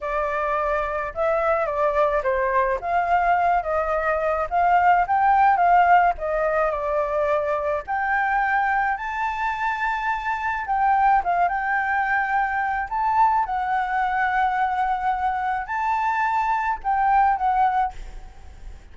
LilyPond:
\new Staff \with { instrumentName = "flute" } { \time 4/4 \tempo 4 = 107 d''2 e''4 d''4 | c''4 f''4. dis''4. | f''4 g''4 f''4 dis''4 | d''2 g''2 |
a''2. g''4 | f''8 g''2~ g''8 a''4 | fis''1 | a''2 g''4 fis''4 | }